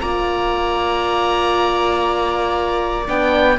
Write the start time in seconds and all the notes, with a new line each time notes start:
0.00 A#3 F4 D5 A#5
3.07 B3 D4 G5